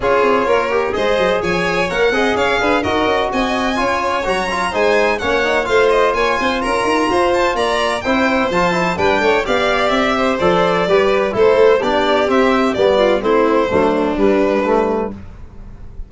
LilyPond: <<
  \new Staff \with { instrumentName = "violin" } { \time 4/4 \tempo 4 = 127 cis''2 dis''4 gis''4 | fis''4 f''4 dis''4 gis''4~ | gis''4 ais''4 gis''4 fis''4 | f''8 dis''8 gis''4 ais''4. a''8 |
ais''4 g''4 a''4 g''4 | f''4 e''4 d''2 | c''4 d''4 e''4 d''4 | c''2 b'2 | }
  \new Staff \with { instrumentName = "violin" } { \time 4/4 gis'4 ais'4 c''4 cis''4~ | cis''8 dis''8 cis''8 b'8 ais'4 dis''4 | cis''2 c''4 cis''4 | c''4 cis''8 c''8 ais'4 c''4 |
d''4 c''2 b'8 cis''8 | d''4. c''4. b'4 | a'4 g'2~ g'8 f'8 | e'4 d'2. | }
  \new Staff \with { instrumentName = "trombone" } { \time 4/4 f'4. g'8 gis'2 | ais'8 gis'4. fis'2 | f'4 fis'8 f'8 dis'4 cis'8 dis'8 | f'1~ |
f'4 e'4 f'8 e'8 d'4 | g'2 a'4 g'4 | e'4 d'4 c'4 b4 | c'4 a4 g4 a4 | }
  \new Staff \with { instrumentName = "tuba" } { \time 4/4 cis'8 c'8 ais4 gis8 fis8 f4 | ais8 c'8 cis'8 d'8 dis'8 cis'8 c'4 | cis'4 fis4 gis4 ais4 | a4 ais8 c'8 cis'8 dis'8 f'4 |
ais4 c'4 f4 g8 a8 | b4 c'4 f4 g4 | a4 b4 c'4 g4 | a4 fis4 g2 | }
>>